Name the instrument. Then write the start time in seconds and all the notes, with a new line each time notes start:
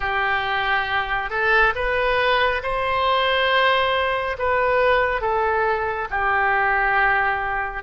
oboe
0.00 G4
1.30 A4
1.75 B4
2.62 C5
4.38 B4
5.21 A4
6.10 G4